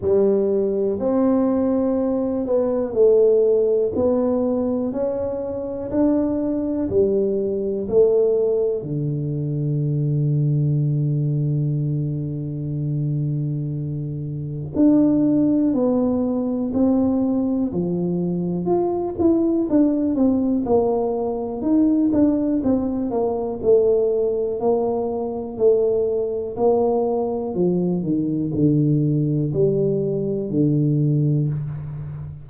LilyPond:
\new Staff \with { instrumentName = "tuba" } { \time 4/4 \tempo 4 = 61 g4 c'4. b8 a4 | b4 cis'4 d'4 g4 | a4 d2.~ | d2. d'4 |
b4 c'4 f4 f'8 e'8 | d'8 c'8 ais4 dis'8 d'8 c'8 ais8 | a4 ais4 a4 ais4 | f8 dis8 d4 g4 d4 | }